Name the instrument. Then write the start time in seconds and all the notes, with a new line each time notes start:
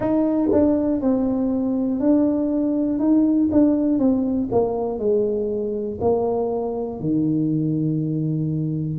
tuba
0.00 D#4
0.52 D4
1.01 C4
2.00 D4
2.99 D#4
3.51 D4
3.99 C4
4.51 A#3
4.98 G#3
6.00 A#3
7.00 D#3